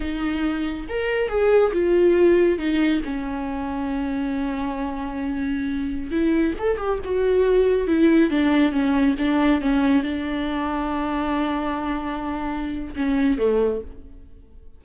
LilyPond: \new Staff \with { instrumentName = "viola" } { \time 4/4 \tempo 4 = 139 dis'2 ais'4 gis'4 | f'2 dis'4 cis'4~ | cis'1~ | cis'2~ cis'16 e'4 a'8 g'16~ |
g'16 fis'2 e'4 d'8.~ | d'16 cis'4 d'4 cis'4 d'8.~ | d'1~ | d'2 cis'4 a4 | }